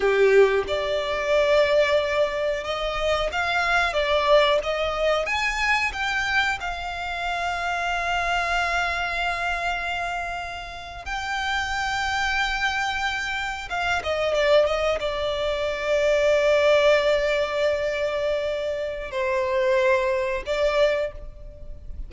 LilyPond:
\new Staff \with { instrumentName = "violin" } { \time 4/4 \tempo 4 = 91 g'4 d''2. | dis''4 f''4 d''4 dis''4 | gis''4 g''4 f''2~ | f''1~ |
f''8. g''2.~ g''16~ | g''8. f''8 dis''8 d''8 dis''8 d''4~ d''16~ | d''1~ | d''4 c''2 d''4 | }